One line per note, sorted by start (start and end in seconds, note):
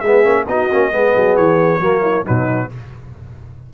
0.00 0.25 G#3
0.00 0.45 G#4
0.00 0.44 E5
0.07 0.24 B3
0.24 0.47 A#3
0.24 0.46 C#4
0.47 0.69 B3
0.47 0.70 D#4
0.47 0.91 F#4
0.47 1.36 D#5
0.72 0.92 A#3
0.72 0.92 C#4
0.91 1.14 G#3
0.91 1.81 B3
0.91 1.80 G#4
1.16 1.37 F#3
1.36 1.80 E3
1.36 2.25 C#5
1.80 2.24 F#3
1.80 2.25 A#3
1.80 2.02 F#4
2.02 2.24 E4
2.25 2.74 B2
2.25 2.69 F#3
2.25 2.69 D#4
2.25 2.71 B4